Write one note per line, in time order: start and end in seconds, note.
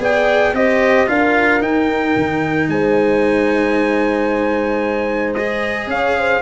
0.00 0.53 B3
0.00 0.54 G#4
0.00 0.55 D5
0.00 0.55 G5
0.53 1.07 C4
0.53 1.07 G4
0.53 1.09 C5
0.53 1.09 D#5
1.07 1.62 D4
1.07 1.60 F4
1.07 2.70 A#4
1.07 1.62 F5
1.60 5.35 D#4
1.60 2.15 D#4
1.60 2.69 G5
2.16 2.69 D#3
2.69 5.87 G#3
2.69 5.92 C5
2.69 5.34 G#5
5.34 6.42 G#4
5.34 5.88 D#5
5.87 6.41 C#4
5.87 6.19 C#5
5.87 6.42 F5
6.19 6.42 C5